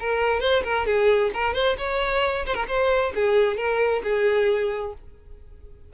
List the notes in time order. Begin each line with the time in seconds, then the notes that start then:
0.00 A#4
0.40 C5
0.64 A#4
0.86 G#4
1.34 A#4
1.54 C5
1.78 C#5
2.46 C5
2.55 A#4
2.68 C5
3.15 G#4
3.57 A#4
4.03 G#4